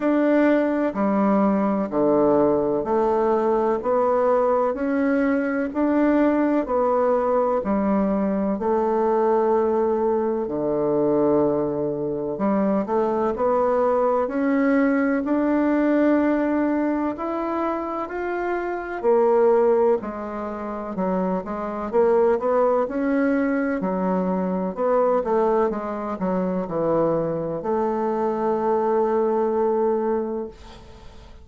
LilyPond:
\new Staff \with { instrumentName = "bassoon" } { \time 4/4 \tempo 4 = 63 d'4 g4 d4 a4 | b4 cis'4 d'4 b4 | g4 a2 d4~ | d4 g8 a8 b4 cis'4 |
d'2 e'4 f'4 | ais4 gis4 fis8 gis8 ais8 b8 | cis'4 fis4 b8 a8 gis8 fis8 | e4 a2. | }